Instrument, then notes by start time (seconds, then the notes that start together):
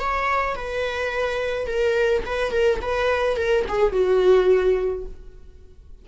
viola
0.00 C#5
0.56 B4
1.67 A#4
2.26 B4
2.52 A#4
2.82 B4
3.37 A#4
3.69 G#4
3.92 F#4